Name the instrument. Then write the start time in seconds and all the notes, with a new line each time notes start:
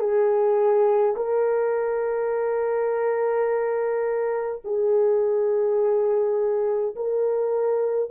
horn
0.00 G#4
1.16 A#4
4.65 G#4
6.96 A#4